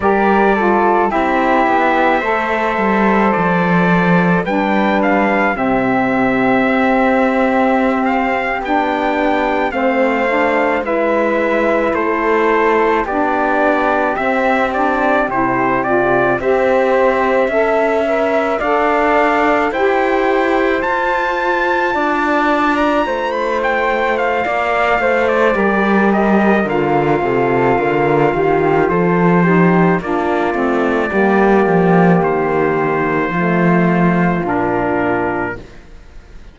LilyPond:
<<
  \new Staff \with { instrumentName = "trumpet" } { \time 4/4 \tempo 4 = 54 d''4 e''2 d''4 | g''8 f''8 e''2~ e''16 f''8 g''16~ | g''8. f''4 e''4 c''4 d''16~ | d''8. e''8 d''8 c''8 d''8 e''4~ e''16~ |
e''8. f''4 g''4 a''4~ a''16~ | a''8 ais''8 b''16 g''8 f''4 d''8. dis''8 | f''2 c''4 d''4~ | d''4 c''2 ais'4 | }
  \new Staff \with { instrumentName = "flute" } { \time 4/4 ais'8 a'8 g'4 c''2 | b'4 g'2.~ | g'8. c''4 b'4 a'4 g'16~ | g'2~ g'8. c''4 e''16~ |
e''8. d''4 c''2 d''16~ | d''8. c''4~ c''16 d''8 c''8 ais'4~ | ais'8 a'8 ais'8 g'8 a'8 g'8 f'4 | g'2 f'2 | }
  \new Staff \with { instrumentName = "saxophone" } { \time 4/4 g'8 f'8 e'4 a'2 | d'4 c'2~ c'8. d'16~ | d'8. c'8 d'8 e'2 d'16~ | d'8. c'8 d'8 e'8 f'8 g'4 a'16~ |
a'16 ais'8 a'4 g'4 f'4~ f'16~ | f'2. g'4 | f'2~ f'8 dis'8 d'8 c'8 | ais2 a4 d'4 | }
  \new Staff \with { instrumentName = "cello" } { \time 4/4 g4 c'8 b8 a8 g8 f4 | g4 c4 c'4.~ c'16 b16~ | b8. a4 gis4 a4 b16~ | b8. c'4 c4 c'4 cis'16~ |
cis'8. d'4 e'4 f'4 d'16~ | d'8. a4~ a16 ais8 a8 g4 | d8 c8 d8 dis8 f4 ais8 a8 | g8 f8 dis4 f4 ais,4 | }
>>